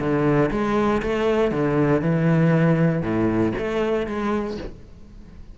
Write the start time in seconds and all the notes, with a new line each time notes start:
0.00 D3
0.51 G#3
1.03 A3
1.52 D3
2.02 E3
3.02 A2
3.58 A3
4.07 G#3